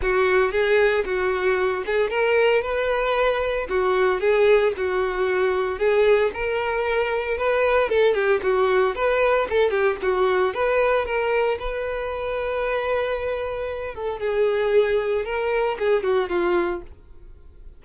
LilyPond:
\new Staff \with { instrumentName = "violin" } { \time 4/4 \tempo 4 = 114 fis'4 gis'4 fis'4. gis'8 | ais'4 b'2 fis'4 | gis'4 fis'2 gis'4 | ais'2 b'4 a'8 g'8 |
fis'4 b'4 a'8 g'8 fis'4 | b'4 ais'4 b'2~ | b'2~ b'8 a'8 gis'4~ | gis'4 ais'4 gis'8 fis'8 f'4 | }